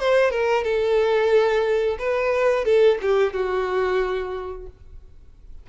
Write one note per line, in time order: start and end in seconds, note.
0.00 0.31 C5
0.31 0.64 A#4
0.64 1.98 A4
1.99 2.65 B4
2.65 2.98 A4
3.02 3.34 G4
3.34 4.67 F#4